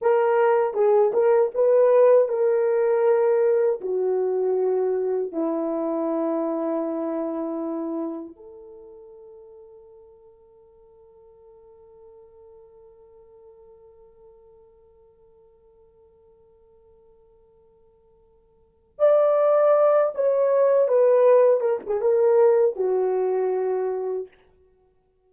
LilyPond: \new Staff \with { instrumentName = "horn" } { \time 4/4 \tempo 4 = 79 ais'4 gis'8 ais'8 b'4 ais'4~ | ais'4 fis'2 e'4~ | e'2. a'4~ | a'1~ |
a'1~ | a'1~ | a'4 d''4. cis''4 b'8~ | b'8 ais'16 gis'16 ais'4 fis'2 | }